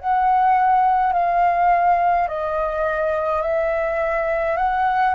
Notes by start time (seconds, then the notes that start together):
0.00 F#5
1.13 F5
2.29 D#5
3.42 E5
4.57 F#5